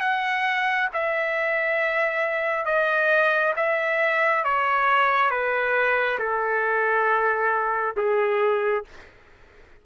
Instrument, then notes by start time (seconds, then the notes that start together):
trumpet
0.00 F#5
0.93 E5
2.65 D#5
3.56 E5
4.44 C#5
5.30 B4
6.19 A4
7.97 G#4